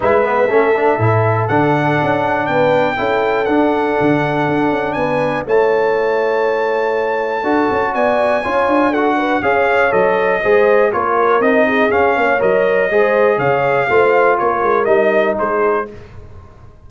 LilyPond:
<<
  \new Staff \with { instrumentName = "trumpet" } { \time 4/4 \tempo 4 = 121 e''2. fis''4~ | fis''4 g''2 fis''4~ | fis''2 gis''4 a''4~ | a''1 |
gis''2 fis''4 f''4 | dis''2 cis''4 dis''4 | f''4 dis''2 f''4~ | f''4 cis''4 dis''4 c''4 | }
  \new Staff \with { instrumentName = "horn" } { \time 4/4 b'4 a'2.~ | a'4 b'4 a'2~ | a'2 b'4 cis''4~ | cis''2. a'4 |
d''4 cis''4 a'8 b'8 cis''4~ | cis''4 c''4 ais'4. gis'8~ | gis'8 cis''4. c''4 cis''4 | c''4 ais'2 gis'4 | }
  \new Staff \with { instrumentName = "trombone" } { \time 4/4 e'8 b8 cis'8 d'8 e'4 d'4~ | d'2 e'4 d'4~ | d'2. e'4~ | e'2. fis'4~ |
fis'4 f'4 fis'4 gis'4 | a'4 gis'4 f'4 dis'4 | cis'4 ais'4 gis'2 | f'2 dis'2 | }
  \new Staff \with { instrumentName = "tuba" } { \time 4/4 gis4 a4 a,4 d4 | cis'4 b4 cis'4 d'4 | d4 d'8 cis'8 b4 a4~ | a2. d'8 cis'8 |
b4 cis'8 d'4. cis'4 | fis4 gis4 ais4 c'4 | cis'8 ais8 fis4 gis4 cis4 | a4 ais8 gis8 g4 gis4 | }
>>